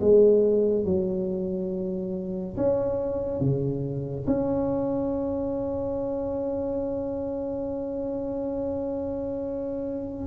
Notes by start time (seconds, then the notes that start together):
0.00 G#3
0.85 F#3
2.57 C#4
3.40 C#3
4.27 C#4